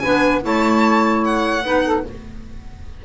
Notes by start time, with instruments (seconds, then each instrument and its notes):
0.00 double bass B3, clarinet D4, saxophone B4, violin G#5
0.42 double bass A3, clarinet E4, saxophone C#5, violin A5
1.24 violin F#5
1.63 double bass B3, clarinet D#4, saxophone B4
1.85 saxophone A4